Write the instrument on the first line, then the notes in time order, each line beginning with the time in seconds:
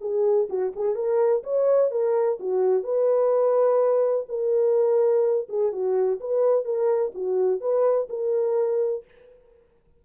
horn
0.00 G#4
0.49 F#4
0.75 G#4
0.95 A#4
1.43 C#5
1.90 A#4
2.39 F#4
2.83 B4
4.28 A#4
5.49 G#4
5.72 F#4
6.20 B4
6.64 A#4
7.14 F#4
7.60 B4
8.09 A#4